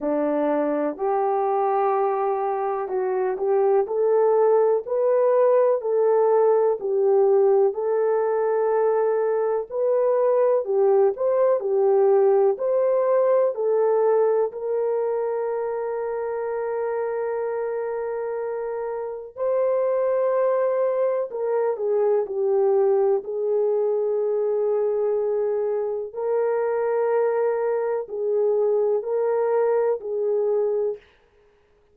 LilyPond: \new Staff \with { instrumentName = "horn" } { \time 4/4 \tempo 4 = 62 d'4 g'2 fis'8 g'8 | a'4 b'4 a'4 g'4 | a'2 b'4 g'8 c''8 | g'4 c''4 a'4 ais'4~ |
ais'1 | c''2 ais'8 gis'8 g'4 | gis'2. ais'4~ | ais'4 gis'4 ais'4 gis'4 | }